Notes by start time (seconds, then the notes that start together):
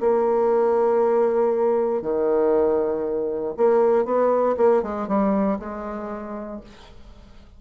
0.00 A#3
2.01 D#3
3.56 A#3
4.05 B3
4.57 A#3
4.82 G#3
5.07 G3
5.58 G#3